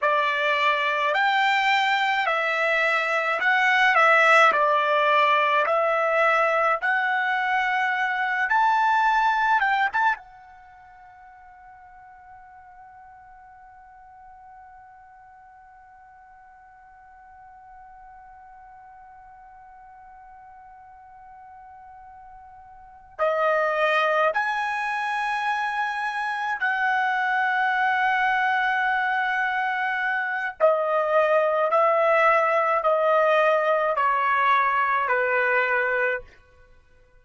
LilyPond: \new Staff \with { instrumentName = "trumpet" } { \time 4/4 \tempo 4 = 53 d''4 g''4 e''4 fis''8 e''8 | d''4 e''4 fis''4. a''8~ | a''8 g''16 a''16 fis''2.~ | fis''1~ |
fis''1~ | fis''8 dis''4 gis''2 fis''8~ | fis''2. dis''4 | e''4 dis''4 cis''4 b'4 | }